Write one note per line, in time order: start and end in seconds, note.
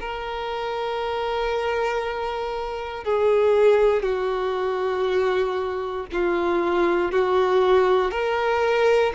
0.00 3.04 A#4
3.04 4.02 G#4
4.02 6.06 F#4
6.12 7.11 F4
7.11 8.11 F#4
8.11 9.12 A#4